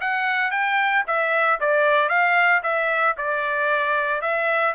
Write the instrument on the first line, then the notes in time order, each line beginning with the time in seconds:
trumpet
0.00 F#5
0.51 G5
1.07 E5
1.60 D5
2.09 F5
2.63 E5
3.17 D5
4.21 E5